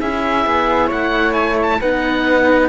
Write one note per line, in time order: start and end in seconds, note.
0.00 0.46 C#4
0.00 1.81 E4
0.00 0.87 G#4
0.00 0.90 E5
0.46 0.91 B3
0.87 1.81 A3
0.87 1.77 C#5
0.87 1.34 F#5
1.34 1.56 G#5
1.62 1.81 A5
1.80 2.69 B3
1.80 2.69 D#4
1.80 2.69 B4
1.80 2.69 F#5